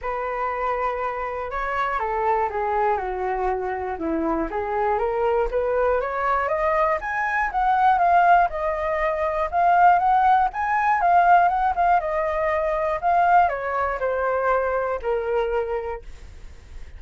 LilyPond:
\new Staff \with { instrumentName = "flute" } { \time 4/4 \tempo 4 = 120 b'2. cis''4 | a'4 gis'4 fis'2 | e'4 gis'4 ais'4 b'4 | cis''4 dis''4 gis''4 fis''4 |
f''4 dis''2 f''4 | fis''4 gis''4 f''4 fis''8 f''8 | dis''2 f''4 cis''4 | c''2 ais'2 | }